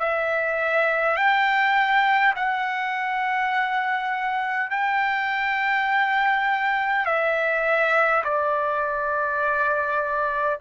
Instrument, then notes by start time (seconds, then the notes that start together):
trumpet
0.00 E5
1.17 G5
2.36 F#5
4.71 G5
7.06 E5
8.24 D5